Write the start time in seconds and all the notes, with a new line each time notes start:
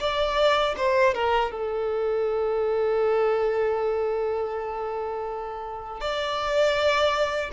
0.00 D5
0.77 C5
1.14 A#4
1.51 A4
6.01 D5